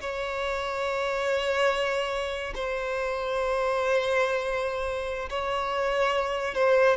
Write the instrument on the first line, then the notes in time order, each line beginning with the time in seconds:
violin
0.00 C#5
2.54 C5
5.29 C#5
6.54 C5